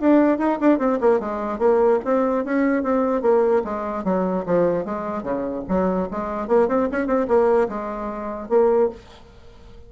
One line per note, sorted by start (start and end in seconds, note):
0.00 0.38 D4
0.38 0.58 D#4
0.60 0.79 D4
0.79 0.99 C4
1.00 1.20 A#3
1.20 1.59 G#3
1.59 1.99 A#3
2.05 2.44 C4
2.44 2.83 C#4
2.83 3.22 C4
3.22 3.62 A#3
3.64 4.04 G#3
4.04 4.45 F#3
4.46 4.85 F3
4.85 5.23 G#3
5.23 5.63 C#3
5.68 6.09 F#3
6.11 6.48 G#3
6.48 6.68 A#3
6.68 6.89 C4
6.92 7.07 C#4
7.07 7.27 C4
7.28 7.68 A#3
7.69 8.49 G#3
8.49 8.89 A#3